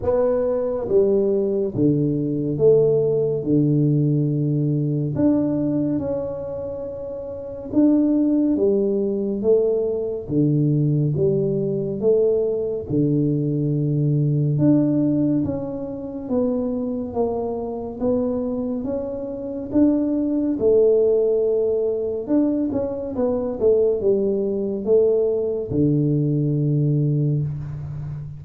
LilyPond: \new Staff \with { instrumentName = "tuba" } { \time 4/4 \tempo 4 = 70 b4 g4 d4 a4 | d2 d'4 cis'4~ | cis'4 d'4 g4 a4 | d4 g4 a4 d4~ |
d4 d'4 cis'4 b4 | ais4 b4 cis'4 d'4 | a2 d'8 cis'8 b8 a8 | g4 a4 d2 | }